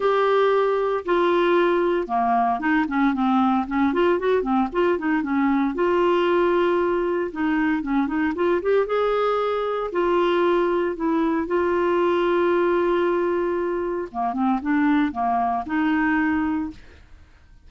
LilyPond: \new Staff \with { instrumentName = "clarinet" } { \time 4/4 \tempo 4 = 115 g'2 f'2 | ais4 dis'8 cis'8 c'4 cis'8 f'8 | fis'8 c'8 f'8 dis'8 cis'4 f'4~ | f'2 dis'4 cis'8 dis'8 |
f'8 g'8 gis'2 f'4~ | f'4 e'4 f'2~ | f'2. ais8 c'8 | d'4 ais4 dis'2 | }